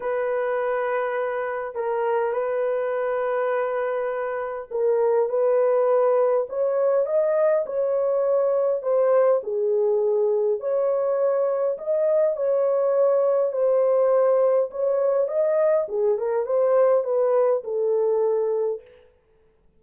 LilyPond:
\new Staff \with { instrumentName = "horn" } { \time 4/4 \tempo 4 = 102 b'2. ais'4 | b'1 | ais'4 b'2 cis''4 | dis''4 cis''2 c''4 |
gis'2 cis''2 | dis''4 cis''2 c''4~ | c''4 cis''4 dis''4 gis'8 ais'8 | c''4 b'4 a'2 | }